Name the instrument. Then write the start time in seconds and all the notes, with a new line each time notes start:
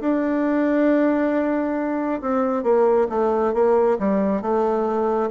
bassoon
0.00 D4
2.21 C4
2.63 A#3
3.09 A3
3.53 A#3
3.99 G3
4.41 A3